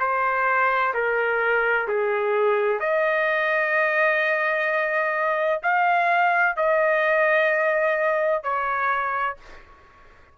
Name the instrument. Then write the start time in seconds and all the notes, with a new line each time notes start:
trumpet
0.00 C5
0.94 A#4
1.88 G#4
2.80 D#5
5.63 F5
6.57 D#5
8.43 C#5